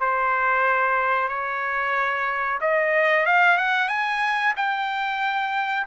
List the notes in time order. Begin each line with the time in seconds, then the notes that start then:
0.00 C5
1.28 C#5
2.61 D#5
3.26 F5
3.58 F#5
3.88 G#5
4.56 G5